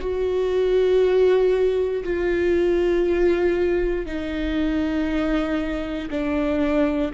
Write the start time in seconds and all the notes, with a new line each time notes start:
0.00 F#4
2.04 F4
4.06 D#4
6.10 D4